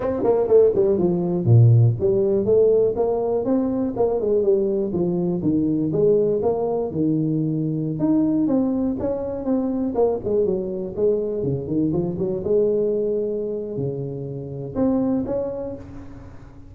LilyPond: \new Staff \with { instrumentName = "tuba" } { \time 4/4 \tempo 4 = 122 c'8 ais8 a8 g8 f4 ais,4 | g4 a4 ais4 c'4 | ais8 gis8 g4 f4 dis4 | gis4 ais4 dis2~ |
dis16 dis'4 c'4 cis'4 c'8.~ | c'16 ais8 gis8 fis4 gis4 cis8 dis16~ | dis16 f8 fis8 gis2~ gis8. | cis2 c'4 cis'4 | }